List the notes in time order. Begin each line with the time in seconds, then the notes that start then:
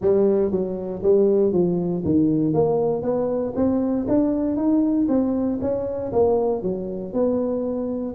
0.01 G3
0.51 F#3
1.02 G3
1.52 F3
2.04 D#3
2.53 A#3
3.02 B3
3.55 C4
4.07 D4
4.56 D#4
5.08 C4
5.61 C#4
6.12 A#3
6.62 F#3
7.13 B3